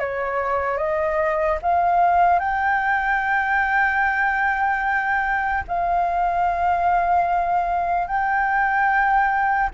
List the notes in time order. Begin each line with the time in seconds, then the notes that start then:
0.00 C#5
0.77 D#5
1.63 F5
2.40 G5
5.68 F5
8.08 G5